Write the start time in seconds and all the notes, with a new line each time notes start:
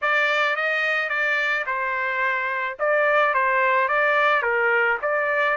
0.01 D5
0.56 D#5
1.09 D5
1.66 C5
2.79 D5
3.33 C5
3.88 D5
4.42 A#4
5.02 D5